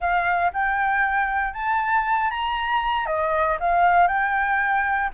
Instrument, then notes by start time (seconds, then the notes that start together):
flute
0.00 F5
0.53 G5
1.53 A5
2.30 A#5
3.06 D#5
3.59 F5
4.07 G5